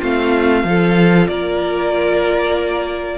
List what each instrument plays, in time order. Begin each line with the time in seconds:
0.00 cello A3, viola C4, violin F4 F5
0.64 cello F3, viola F4, violin A4
1.28 cello A#3, violin A#4 D5